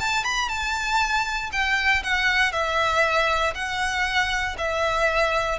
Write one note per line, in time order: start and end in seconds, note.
0.00 0.24 A5
0.24 0.49 B5
0.49 1.51 A5
1.53 2.03 G5
2.04 2.53 F#5
2.53 3.54 E5
3.55 4.57 F#5
4.58 5.59 E5